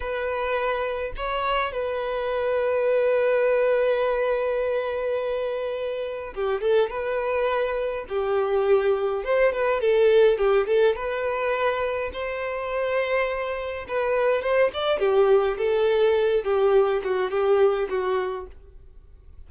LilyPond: \new Staff \with { instrumentName = "violin" } { \time 4/4 \tempo 4 = 104 b'2 cis''4 b'4~ | b'1~ | b'2. g'8 a'8 | b'2 g'2 |
c''8 b'8 a'4 g'8 a'8 b'4~ | b'4 c''2. | b'4 c''8 d''8 g'4 a'4~ | a'8 g'4 fis'8 g'4 fis'4 | }